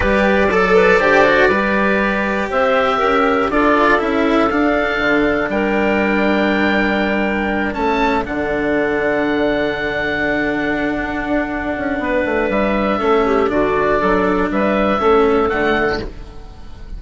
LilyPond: <<
  \new Staff \with { instrumentName = "oboe" } { \time 4/4 \tempo 4 = 120 d''1~ | d''4 e''2 d''4 | e''4 f''2 g''4~ | g''2.~ g''8 a''8~ |
a''8 fis''2.~ fis''8~ | fis''1~ | fis''4 e''2 d''4~ | d''4 e''2 fis''4 | }
  \new Staff \with { instrumentName = "clarinet" } { \time 4/4 b'4 a'8 b'8 c''4 b'4~ | b'4 c''4 ais'4 a'4~ | a'2. ais'4~ | ais'2.~ ais'8 a'8~ |
a'1~ | a'1 | b'2 a'8 g'8 fis'4 | a'4 b'4 a'2 | }
  \new Staff \with { instrumentName = "cello" } { \time 4/4 g'4 a'4 g'8 fis'8 g'4~ | g'2. f'4 | e'4 d'2.~ | d'2.~ d'8 cis'8~ |
cis'8 d'2.~ d'8~ | d'1~ | d'2 cis'4 d'4~ | d'2 cis'4 a4 | }
  \new Staff \with { instrumentName = "bassoon" } { \time 4/4 g4 fis4 d4 g4~ | g4 c'4 cis'4 d'4 | cis'4 d'4 d4 g4~ | g2.~ g8 a8~ |
a8 d2.~ d8~ | d2 d'4. cis'8 | b8 a8 g4 a4 d4 | fis4 g4 a4 d4 | }
>>